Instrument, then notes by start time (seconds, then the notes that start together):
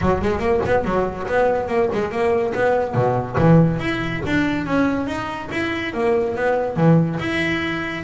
double bass
0.01 F#3
0.21 G#3
0.39 A#3
0.65 B3
0.84 F#3
1.27 B3
1.68 A#3
1.92 G#3
2.11 A#3
2.54 B3
2.94 B2
3.37 E3
3.79 E4
4.26 D4
4.66 C#4
5.06 D#4
5.51 E4
5.93 A#3
6.35 B3
6.76 E3
7.19 E4